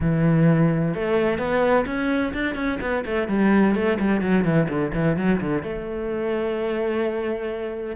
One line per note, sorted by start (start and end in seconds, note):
0.01 0.94 E3
0.94 1.38 A3
1.38 1.85 B3
1.86 2.32 C#4
2.33 2.55 D4
2.55 2.78 C#4
2.80 3.04 B3
3.05 3.28 A3
3.28 3.75 G3
3.75 3.98 A3
3.99 4.21 G3
4.21 4.44 F#3
4.44 4.67 E3
4.68 4.92 D3
4.93 5.16 E3
5.16 5.40 F#3
5.40 5.62 D3
5.62 7.96 A3